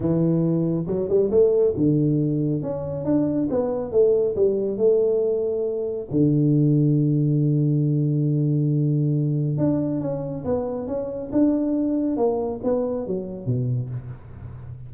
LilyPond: \new Staff \with { instrumentName = "tuba" } { \time 4/4 \tempo 4 = 138 e2 fis8 g8 a4 | d2 cis'4 d'4 | b4 a4 g4 a4~ | a2 d2~ |
d1~ | d2 d'4 cis'4 | b4 cis'4 d'2 | ais4 b4 fis4 b,4 | }